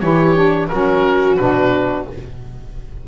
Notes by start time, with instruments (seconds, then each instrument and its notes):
0.00 double bass E3, saxophone E4, viola G4, oboe C#5
0.35 saxophone D4
0.68 double bass F#3, saxophone C#4, viola F#4, oboe A#4
1.36 double bass B2, saxophone D4, oboe B4